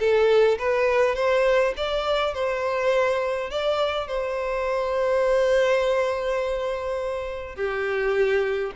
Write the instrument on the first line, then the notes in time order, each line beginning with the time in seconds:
violin
0.00 A4
0.59 B4
1.16 C5
1.77 D5
2.34 C5
3.51 D5
4.08 C5
7.56 G4